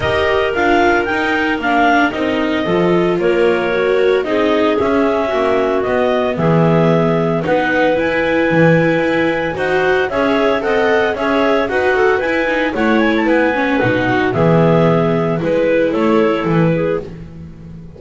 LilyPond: <<
  \new Staff \with { instrumentName = "clarinet" } { \time 4/4 \tempo 4 = 113 dis''4 f''4 g''4 f''4 | dis''2 cis''2 | dis''4 e''2 dis''4 | e''2 fis''4 gis''4~ |
gis''2 fis''4 e''4 | fis''4 e''4 fis''4 gis''4 | fis''8 gis''16 a''16 gis''4 fis''4 e''4~ | e''4 b'4 cis''4 b'4 | }
  \new Staff \with { instrumentName = "clarinet" } { \time 4/4 ais'1~ | ais'4 a'4 ais'2 | gis'2 fis'2 | gis'2 b'2~ |
b'2 c''4 cis''4 | dis''4 cis''4 b'8 a'8 b'4 | cis''4 b'4. fis'8 gis'4~ | gis'4 b'4 a'4. gis'8 | }
  \new Staff \with { instrumentName = "viola" } { \time 4/4 g'4 f'4 dis'4 d'4 | dis'4 f'2 fis'4 | dis'4 cis'2 b4~ | b2 dis'4 e'4~ |
e'2 fis'4 gis'4 | a'4 gis'4 fis'4 e'8 dis'8 | e'4. cis'8 dis'4 b4~ | b4 e'2. | }
  \new Staff \with { instrumentName = "double bass" } { \time 4/4 dis'4 d'4 dis'4 ais4 | c'4 f4 ais2 | c'4 cis'4 ais4 b4 | e2 b4 e'4 |
e4 e'4 dis'4 cis'4 | c'4 cis'4 dis'4 e'4 | a4 b4 b,4 e4~ | e4 gis4 a4 e4 | }
>>